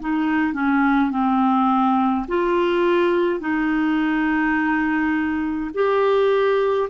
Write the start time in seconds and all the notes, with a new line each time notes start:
0.00 D#4
0.53 C#4
1.10 C4
2.28 F4
3.40 D#4
5.74 G4